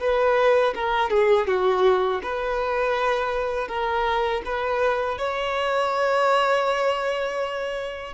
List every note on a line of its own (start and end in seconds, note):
0.00 0.74 B4
0.75 1.10 A#4
1.10 1.47 G#4
1.47 2.22 F#4
2.23 3.68 B4
3.68 4.42 A#4
4.45 5.18 B4
5.18 8.14 C#5